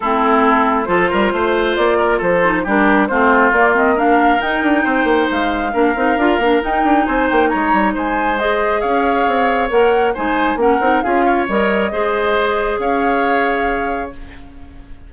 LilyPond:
<<
  \new Staff \with { instrumentName = "flute" } { \time 4/4 \tempo 4 = 136 a'2 c''2 | d''4 c''4 ais'4 c''4 | d''8 dis''8 f''4 g''2 | f''2. g''4 |
gis''8 g''8 ais''4 gis''4 dis''4 | f''2 fis''4 gis''4 | fis''4 f''4 dis''2~ | dis''4 f''2. | }
  \new Staff \with { instrumentName = "oboe" } { \time 4/4 e'2 a'8 ais'8 c''4~ | c''8 ais'8 a'4 g'4 f'4~ | f'4 ais'2 c''4~ | c''4 ais'2. |
c''4 cis''4 c''2 | cis''2. c''4 | ais'4 gis'8 cis''4. c''4~ | c''4 cis''2. | }
  \new Staff \with { instrumentName = "clarinet" } { \time 4/4 c'2 f'2~ | f'4. dis'8 d'4 c'4 | ais8 c'8 d'4 dis'2~ | dis'4 d'8 dis'8 f'8 d'8 dis'4~ |
dis'2. gis'4~ | gis'2 ais'4 dis'4 | cis'8 dis'8 f'4 ais'4 gis'4~ | gis'1 | }
  \new Staff \with { instrumentName = "bassoon" } { \time 4/4 a2 f8 g8 a4 | ais4 f4 g4 a4 | ais2 dis'8 d'8 c'8 ais8 | gis4 ais8 c'8 d'8 ais8 dis'8 d'8 |
c'8 ais8 gis8 g8 gis2 | cis'4 c'4 ais4 gis4 | ais8 c'8 cis'4 g4 gis4~ | gis4 cis'2. | }
>>